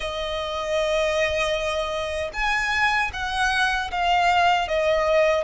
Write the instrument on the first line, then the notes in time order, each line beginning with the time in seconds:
violin
0.00 D#5
2.33 G#5
3.13 F#5
3.91 F5
4.68 D#5